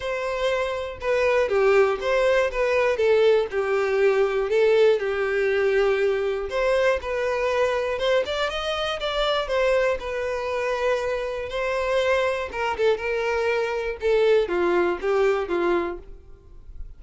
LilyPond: \new Staff \with { instrumentName = "violin" } { \time 4/4 \tempo 4 = 120 c''2 b'4 g'4 | c''4 b'4 a'4 g'4~ | g'4 a'4 g'2~ | g'4 c''4 b'2 |
c''8 d''8 dis''4 d''4 c''4 | b'2. c''4~ | c''4 ais'8 a'8 ais'2 | a'4 f'4 g'4 f'4 | }